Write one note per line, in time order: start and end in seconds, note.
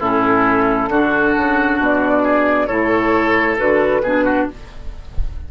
0.00 0.89 A2
0.00 0.91 C#4
0.00 0.90 E4
0.00 1.80 A4
0.89 1.34 D3
0.89 2.70 D4
0.89 2.23 F#4
1.37 1.79 C#3
1.79 2.69 B2
1.79 2.67 D5
2.23 2.68 G#4
2.67 3.59 A2
2.67 3.57 E4
2.67 4.02 A4
2.67 3.56 C#5
3.57 4.02 D3
3.57 4.02 F#4
3.57 4.48 B4
4.02 4.47 B2
4.02 4.51 D4
4.02 4.25 G#4
4.25 4.47 F#4